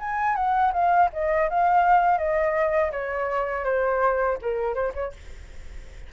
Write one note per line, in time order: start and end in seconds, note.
0.00 0.36 G#5
0.36 0.73 F#5
0.73 1.10 F5
1.13 1.50 D#5
1.50 2.18 F5
2.18 2.91 D#5
2.92 3.65 C#5
3.65 4.38 C5
4.42 4.75 A#4
4.75 4.93 C5
4.95 5.13 C#5